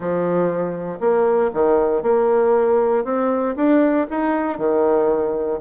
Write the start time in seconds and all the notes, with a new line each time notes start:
0.00 F3
1.00 A#3
1.53 D#3
2.02 A#3
3.04 C4
3.56 D4
4.09 D#4
4.58 D#3